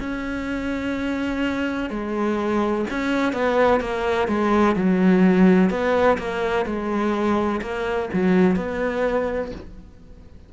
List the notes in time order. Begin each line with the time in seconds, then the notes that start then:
0.00 C#4
1.90 G#3
2.90 C#4
3.33 B3
3.81 A#3
4.29 G#3
4.76 F#3
5.70 B3
6.18 A#3
6.66 G#3
7.62 A#3
8.14 F#3
8.57 B3